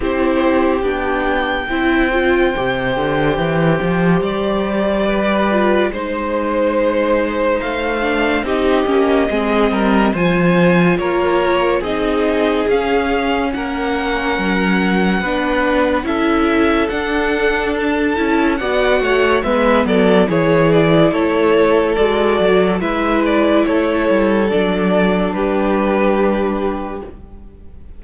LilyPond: <<
  \new Staff \with { instrumentName = "violin" } { \time 4/4 \tempo 4 = 71 c''4 g''2.~ | g''4 d''2 c''4~ | c''4 f''4 dis''2 | gis''4 cis''4 dis''4 f''4 |
fis''2. e''4 | fis''4 a''4 fis''4 e''8 d''8 | cis''8 d''8 cis''4 d''4 e''8 d''8 | cis''4 d''4 b'2 | }
  \new Staff \with { instrumentName = "violin" } { \time 4/4 g'2 c''2~ | c''2 b'4 c''4~ | c''2 g'4 gis'8 ais'8 | c''4 ais'4 gis'2 |
ais'2 b'4 a'4~ | a'2 d''8 cis''8 b'8 a'8 | gis'4 a'2 b'4 | a'2 g'2 | }
  \new Staff \with { instrumentName = "viola" } { \time 4/4 e'4 d'4 e'8 f'8 g'4~ | g'2~ g'8 f'8 dis'4~ | dis'4. d'8 dis'8 cis'8 c'4 | f'2 dis'4 cis'4~ |
cis'2 d'4 e'4 | d'4. e'8 fis'4 b4 | e'2 fis'4 e'4~ | e'4 d'2. | }
  \new Staff \with { instrumentName = "cello" } { \time 4/4 c'4 b4 c'4 c8 d8 | e8 f8 g2 gis4~ | gis4 a4 c'8 ais8 gis8 g8 | f4 ais4 c'4 cis'4 |
ais4 fis4 b4 cis'4 | d'4. cis'8 b8 a8 gis8 fis8 | e4 a4 gis8 fis8 gis4 | a8 g8 fis4 g2 | }
>>